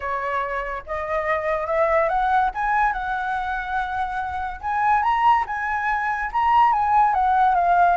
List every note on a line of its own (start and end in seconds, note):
0.00 0.83 C#5
0.86 1.66 D#5
1.66 2.08 E5
2.08 2.50 F#5
2.54 2.92 G#5
2.92 4.60 F#5
4.60 5.02 G#5
5.02 5.44 A#5
5.47 6.30 G#5
6.32 6.72 A#5
6.72 7.13 G#5
7.13 7.54 F#5
7.54 7.96 F5